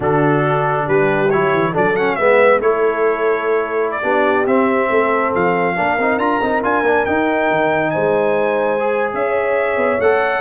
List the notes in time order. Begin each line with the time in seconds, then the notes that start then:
0.00 D3 D4 F#4 A4
0.85 G3 G4 B4
1.30 F#3 E4 C#5
1.52 E3
1.71 F#3 D4 A4 D5
1.95 C#4 F#5
2.15 G#3 B3 B4 E5
2.60 A3 E4 A4 C#5
3.91 D5
4.02 B3 D4 G4
4.46 C4 E5
4.88 A3 A4
5.34 F3 F5
5.75 A#3 D4 A#4
5.98 C4 D#4
6.17 D4 F4 A#5
6.41 C4 D#4
6.62 D4 F4 G#5
6.82 A#3 D4
7.05 D#4 G5
7.50 D#3
7.90 G#3 C5 G#5
8.79 G#4
9.13 C#4 C#5 E5
9.76 B3
9.99 A3 A4 F#5